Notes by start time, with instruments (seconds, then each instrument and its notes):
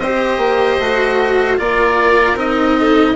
0.00 bassoon C4, cello G4, violin C5, oboe D#5
0.38 bassoon A#3
0.80 bassoon A3, cello F#4
1.58 bassoon A#3, cello F4, violin A#4, oboe D5
2.35 bassoon C4, cello D#4, oboe D#5
2.79 violin A4